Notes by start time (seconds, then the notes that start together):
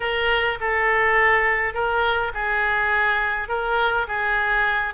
0.00 A#4
0.60 A4
1.73 A#4
2.34 G#4
3.48 A#4
4.07 G#4